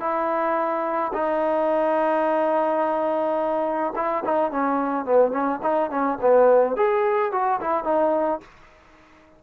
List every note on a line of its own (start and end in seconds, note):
0.00 1.12 E4
1.13 3.93 D#4
3.96 4.24 E4
4.25 4.51 D#4
4.51 5.05 C#4
5.05 5.31 B3
5.31 5.59 C#4
5.62 5.90 D#4
5.90 6.18 C#4
6.21 6.76 B3
6.76 7.32 G#4
7.32 7.60 F#4
7.61 7.84 E4
7.84 8.40 D#4